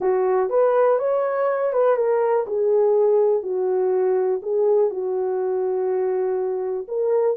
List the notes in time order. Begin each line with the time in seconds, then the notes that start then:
0.00 F#4
0.49 B4
0.98 C#5
1.72 B4
1.96 A#4
2.46 G#4
3.42 F#4
4.42 G#4
4.90 F#4
6.88 A#4